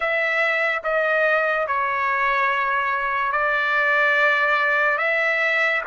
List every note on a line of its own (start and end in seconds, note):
0.00 0.82 E5
0.83 1.67 D#5
1.67 3.32 C#5
3.32 4.98 D5
4.98 5.81 E5